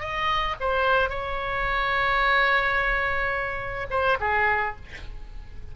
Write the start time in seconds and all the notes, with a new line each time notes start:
0.00 D#5
0.61 C5
1.10 C#5
3.90 C5
4.21 G#4